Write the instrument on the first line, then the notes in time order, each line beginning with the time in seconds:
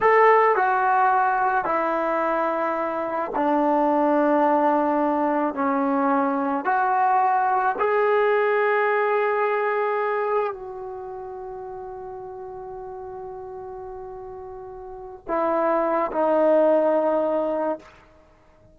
trombone
0.00 A4
0.56 F#4
1.64 E4
3.35 D4
5.54 C#4
6.64 F#4
7.79 G#4
10.53 F#4
15.27 E4
16.12 D#4